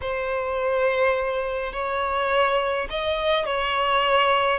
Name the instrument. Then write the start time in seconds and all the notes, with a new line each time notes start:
violin
0.01 C5
1.72 C#5
2.90 D#5
3.45 C#5